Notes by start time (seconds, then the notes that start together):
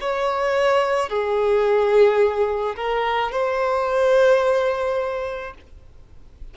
0.00 C#5
1.09 G#4
2.76 A#4
3.31 C5